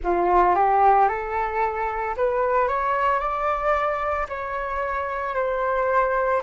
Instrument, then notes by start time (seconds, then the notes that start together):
flute
0.03 F4
0.55 G4
1.08 A4
2.17 B4
2.68 C#5
3.19 D5
4.29 C#5
5.35 C5